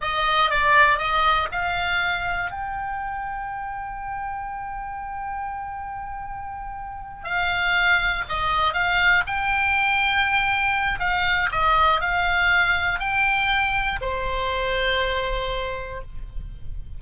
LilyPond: \new Staff \with { instrumentName = "oboe" } { \time 4/4 \tempo 4 = 120 dis''4 d''4 dis''4 f''4~ | f''4 g''2.~ | g''1~ | g''2~ g''8 f''4.~ |
f''8 dis''4 f''4 g''4.~ | g''2 f''4 dis''4 | f''2 g''2 | c''1 | }